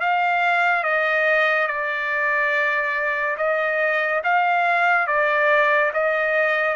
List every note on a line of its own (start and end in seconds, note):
0.00 0.83 F5
0.83 1.67 D#5
1.67 3.36 D5
3.37 4.22 D#5
4.23 5.07 F5
5.07 5.91 D5
5.93 6.76 D#5